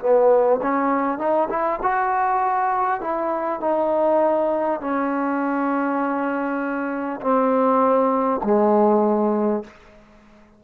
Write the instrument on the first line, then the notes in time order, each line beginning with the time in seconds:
trombone
0.00 B3
0.62 C#4
1.18 D#4
1.50 E4
1.83 F#4
3.01 E4
3.61 D#4
4.81 C#4
7.21 C4
8.44 G#3